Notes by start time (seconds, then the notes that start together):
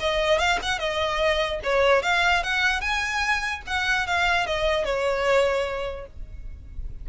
0.00 D#5
0.39 F5
0.62 F#5
0.79 D#5
1.64 C#5
2.03 F5
2.43 F#5
2.81 G#5
3.67 F#5
4.07 F5
4.46 D#5
4.85 C#5